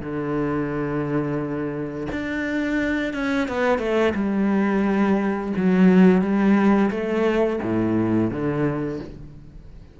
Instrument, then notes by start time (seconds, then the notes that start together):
cello
0.00 D3
2.12 D4
3.13 C#4
3.48 B3
3.79 A3
4.14 G3
5.56 F#3
6.21 G3
6.90 A3
7.62 A2
8.31 D3